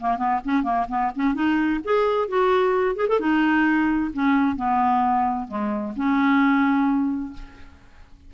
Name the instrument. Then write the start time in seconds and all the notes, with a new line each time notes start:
clarinet
0.00 A#3
0.17 B3
0.44 C#4
0.63 A#3
0.88 B3
1.15 C#4
1.34 D#4
1.84 G#4
2.28 F#4
2.96 G#4
3.08 A4
3.20 D#4
4.13 C#4
4.56 B3
5.48 G#3
5.96 C#4